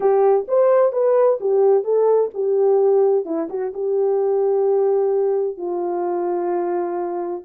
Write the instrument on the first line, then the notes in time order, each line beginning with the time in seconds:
horn
0.00 G4
0.48 C5
0.92 B4
1.40 G4
1.84 A4
2.34 G4
3.25 E4
3.49 F#4
3.73 G4
5.57 F4